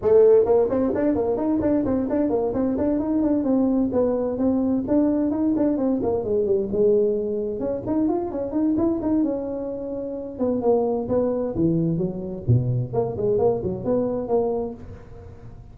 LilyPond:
\new Staff \with { instrumentName = "tuba" } { \time 4/4 \tempo 4 = 130 a4 ais8 c'8 d'8 ais8 dis'8 d'8 | c'8 d'8 ais8 c'8 d'8 dis'8 d'8 c'8~ | c'8 b4 c'4 d'4 dis'8 | d'8 c'8 ais8 gis8 g8 gis4.~ |
gis8 cis'8 dis'8 f'8 cis'8 dis'8 e'8 dis'8 | cis'2~ cis'8 b8 ais4 | b4 e4 fis4 b,4 | ais8 gis8 ais8 fis8 b4 ais4 | }